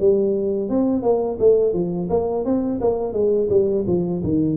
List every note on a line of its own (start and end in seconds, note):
0.00 0.70 G3
0.70 1.03 C4
1.03 1.38 A#3
1.39 1.74 A3
1.74 2.09 F3
2.10 2.45 A#3
2.45 2.80 C4
2.81 3.13 A#3
3.13 3.48 G#3
3.50 3.85 G3
3.87 4.22 F3
4.24 4.57 D#3